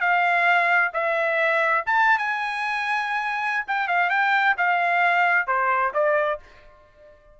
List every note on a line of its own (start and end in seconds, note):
0.00 0.91 F5
0.93 1.84 E5
1.86 2.18 A5
2.18 3.66 G#5
3.67 3.88 G5
3.88 4.10 F5
4.10 4.55 G5
4.57 5.47 F5
5.47 5.92 C5
5.93 6.39 D5